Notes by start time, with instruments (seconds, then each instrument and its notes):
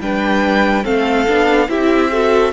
0.00 cello G3, viola D4, violin B4 G5
0.84 cello A3, viola C4, violin A4 F5
1.27 cello B3, viola D4
1.68 cello C4, viola E4, violin G4 E5
2.11 viola F#4, violin A4